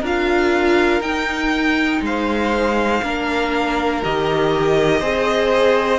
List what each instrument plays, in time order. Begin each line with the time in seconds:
0.00 cello D4, viola F4, violin A#4 F5
1.00 cello D#4, viola D#4, violin G5
2.01 cello G#3, violin C5 F5
3.02 cello A#3, viola D4, violin A#4
4.03 cello D#3, viola G4, violin D#5
5.00 cello C4, viola G#4, violin C5